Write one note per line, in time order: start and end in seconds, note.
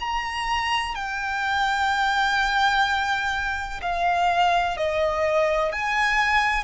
0.00 0.95 A#5
0.95 3.81 G5
3.82 4.77 F5
4.77 5.72 D#5
5.72 6.64 G#5